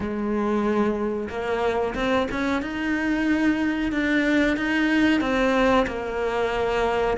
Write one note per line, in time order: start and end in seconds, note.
0.00 1.29 G#3
1.29 1.94 A#3
1.94 2.27 C4
2.31 2.61 C#4
2.61 3.92 D#4
3.92 4.57 D4
4.57 5.20 D#4
5.20 5.85 C4
5.87 7.17 A#3